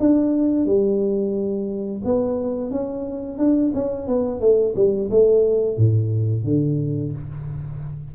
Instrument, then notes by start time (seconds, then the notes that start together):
tuba
0.00 D4
0.66 G3
2.05 B3
2.71 C#4
3.38 D4
3.74 C#4
4.08 B3
4.41 A3
4.76 G3
5.11 A3
5.78 A2
6.45 D3